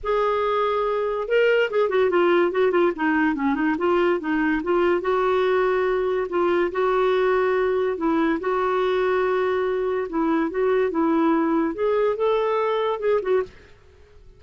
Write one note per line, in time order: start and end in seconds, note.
0.03 1.28 G#4
1.28 1.70 A#4
1.70 1.89 G#4
1.89 2.10 F#4
2.10 2.51 F4
2.51 2.71 F#4
2.71 2.92 F4
2.95 3.35 D#4
3.35 3.55 C#4
3.55 3.76 D#4
3.77 4.19 F4
4.20 4.62 D#4
4.63 5.01 F4
5.01 6.27 F#4
6.29 6.71 F4
6.71 7.97 F#4
7.97 8.39 E4
8.39 10.07 F#4
10.09 10.50 E4
10.50 10.90 F#4
10.90 11.74 E4
11.74 12.16 G#4
12.16 12.99 A4
12.99 13.20 G#4
13.21 13.42 F#4